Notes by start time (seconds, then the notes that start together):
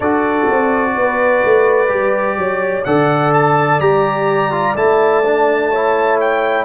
0.00 D4 F#4 A4 D5
0.50 C4
0.95 B3 B4
1.44 A3
1.88 G3 G4
2.37 F#3 C#5
2.84 D3 A4 D5 F#5
3.33 A5
3.80 G3 G4 A#5
4.51 F4
4.75 A3 E4 A5
5.24 D4
5.70 E4 C#5
6.20 G5